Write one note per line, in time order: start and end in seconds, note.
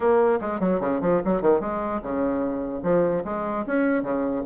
0.00 0.39 A#3
0.40 0.60 G#3
0.60 0.80 F#3
0.80 1.00 C#3
1.01 1.21 F3
1.24 1.41 F#3
1.41 1.60 D#3
1.60 2.01 G#3
2.02 2.82 C#3
2.82 3.23 F3
3.24 3.65 G#3
3.66 4.02 C#4
4.02 4.43 C#3